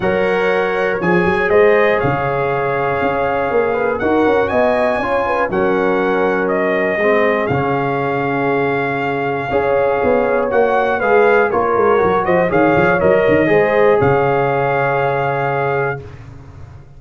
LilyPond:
<<
  \new Staff \with { instrumentName = "trumpet" } { \time 4/4 \tempo 4 = 120 fis''2 gis''4 dis''4 | f''1 | fis''4 gis''2 fis''4~ | fis''4 dis''2 f''4~ |
f''1~ | f''4 fis''4 f''4 cis''4~ | cis''8 dis''8 f''4 dis''2 | f''1 | }
  \new Staff \with { instrumentName = "horn" } { \time 4/4 cis''2. c''4 | cis''2.~ cis''8 b'8 | ais'4 dis''4 cis''8 b'8 ais'4~ | ais'2 gis'2~ |
gis'2. cis''4~ | cis''2 b'4 ais'4~ | ais'8 c''8 cis''2 c''4 | cis''1 | }
  \new Staff \with { instrumentName = "trombone" } { \time 4/4 ais'2 gis'2~ | gis'1 | fis'2 f'4 cis'4~ | cis'2 c'4 cis'4~ |
cis'2. gis'4~ | gis'4 fis'4 gis'4 f'4 | fis'4 gis'4 ais'4 gis'4~ | gis'1 | }
  \new Staff \with { instrumentName = "tuba" } { \time 4/4 fis2 f8 fis8 gis4 | cis2 cis'4 ais4 | dis'8 cis'8 b4 cis'4 fis4~ | fis2 gis4 cis4~ |
cis2. cis'4 | b4 ais4 gis4 ais8 gis8 | fis8 f8 dis8 f8 fis8 dis8 gis4 | cis1 | }
>>